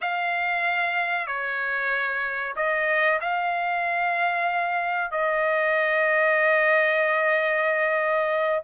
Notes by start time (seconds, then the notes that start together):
0.01 F5
1.26 C#5
2.55 D#5
3.20 F5
5.11 D#5